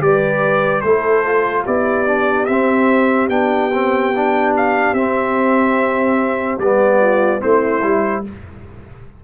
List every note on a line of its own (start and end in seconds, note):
0.00 0.83 G3
0.00 0.82 G4
0.00 0.84 B4
0.00 0.81 D5
0.81 1.65 A3
0.81 1.26 E4
0.81 1.65 A4
0.81 1.63 C5
1.26 1.67 F4
1.65 2.49 B3
1.65 2.07 E4
1.65 6.99 G4
1.65 2.46 D5
2.07 2.48 D4
2.46 3.29 C4
2.46 3.30 C4
2.46 3.28 E5
3.29 4.94 B3
3.29 3.71 D4
3.29 4.53 G5
3.73 4.14 C4
4.16 4.97 D4
4.57 4.94 F5
4.94 6.58 C4
4.94 6.61 C4
4.94 6.59 E5
6.59 7.41 G3
6.59 7.40 B3
6.59 7.42 D5
7.00 7.41 F4
7.40 7.84 A3
7.40 7.81 C4
7.40 8.23 E4
7.40 8.24 C5
7.83 8.25 G3
7.83 8.24 E4